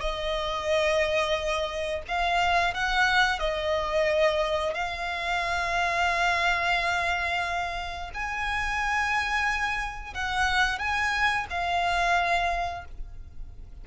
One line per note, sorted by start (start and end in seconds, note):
0.00 2.02 D#5
2.08 2.74 F5
2.74 3.39 F#5
3.39 4.74 D#5
4.74 8.11 F5
8.14 10.14 G#5
10.14 10.79 F#5
10.79 11.46 G#5
11.50 12.85 F5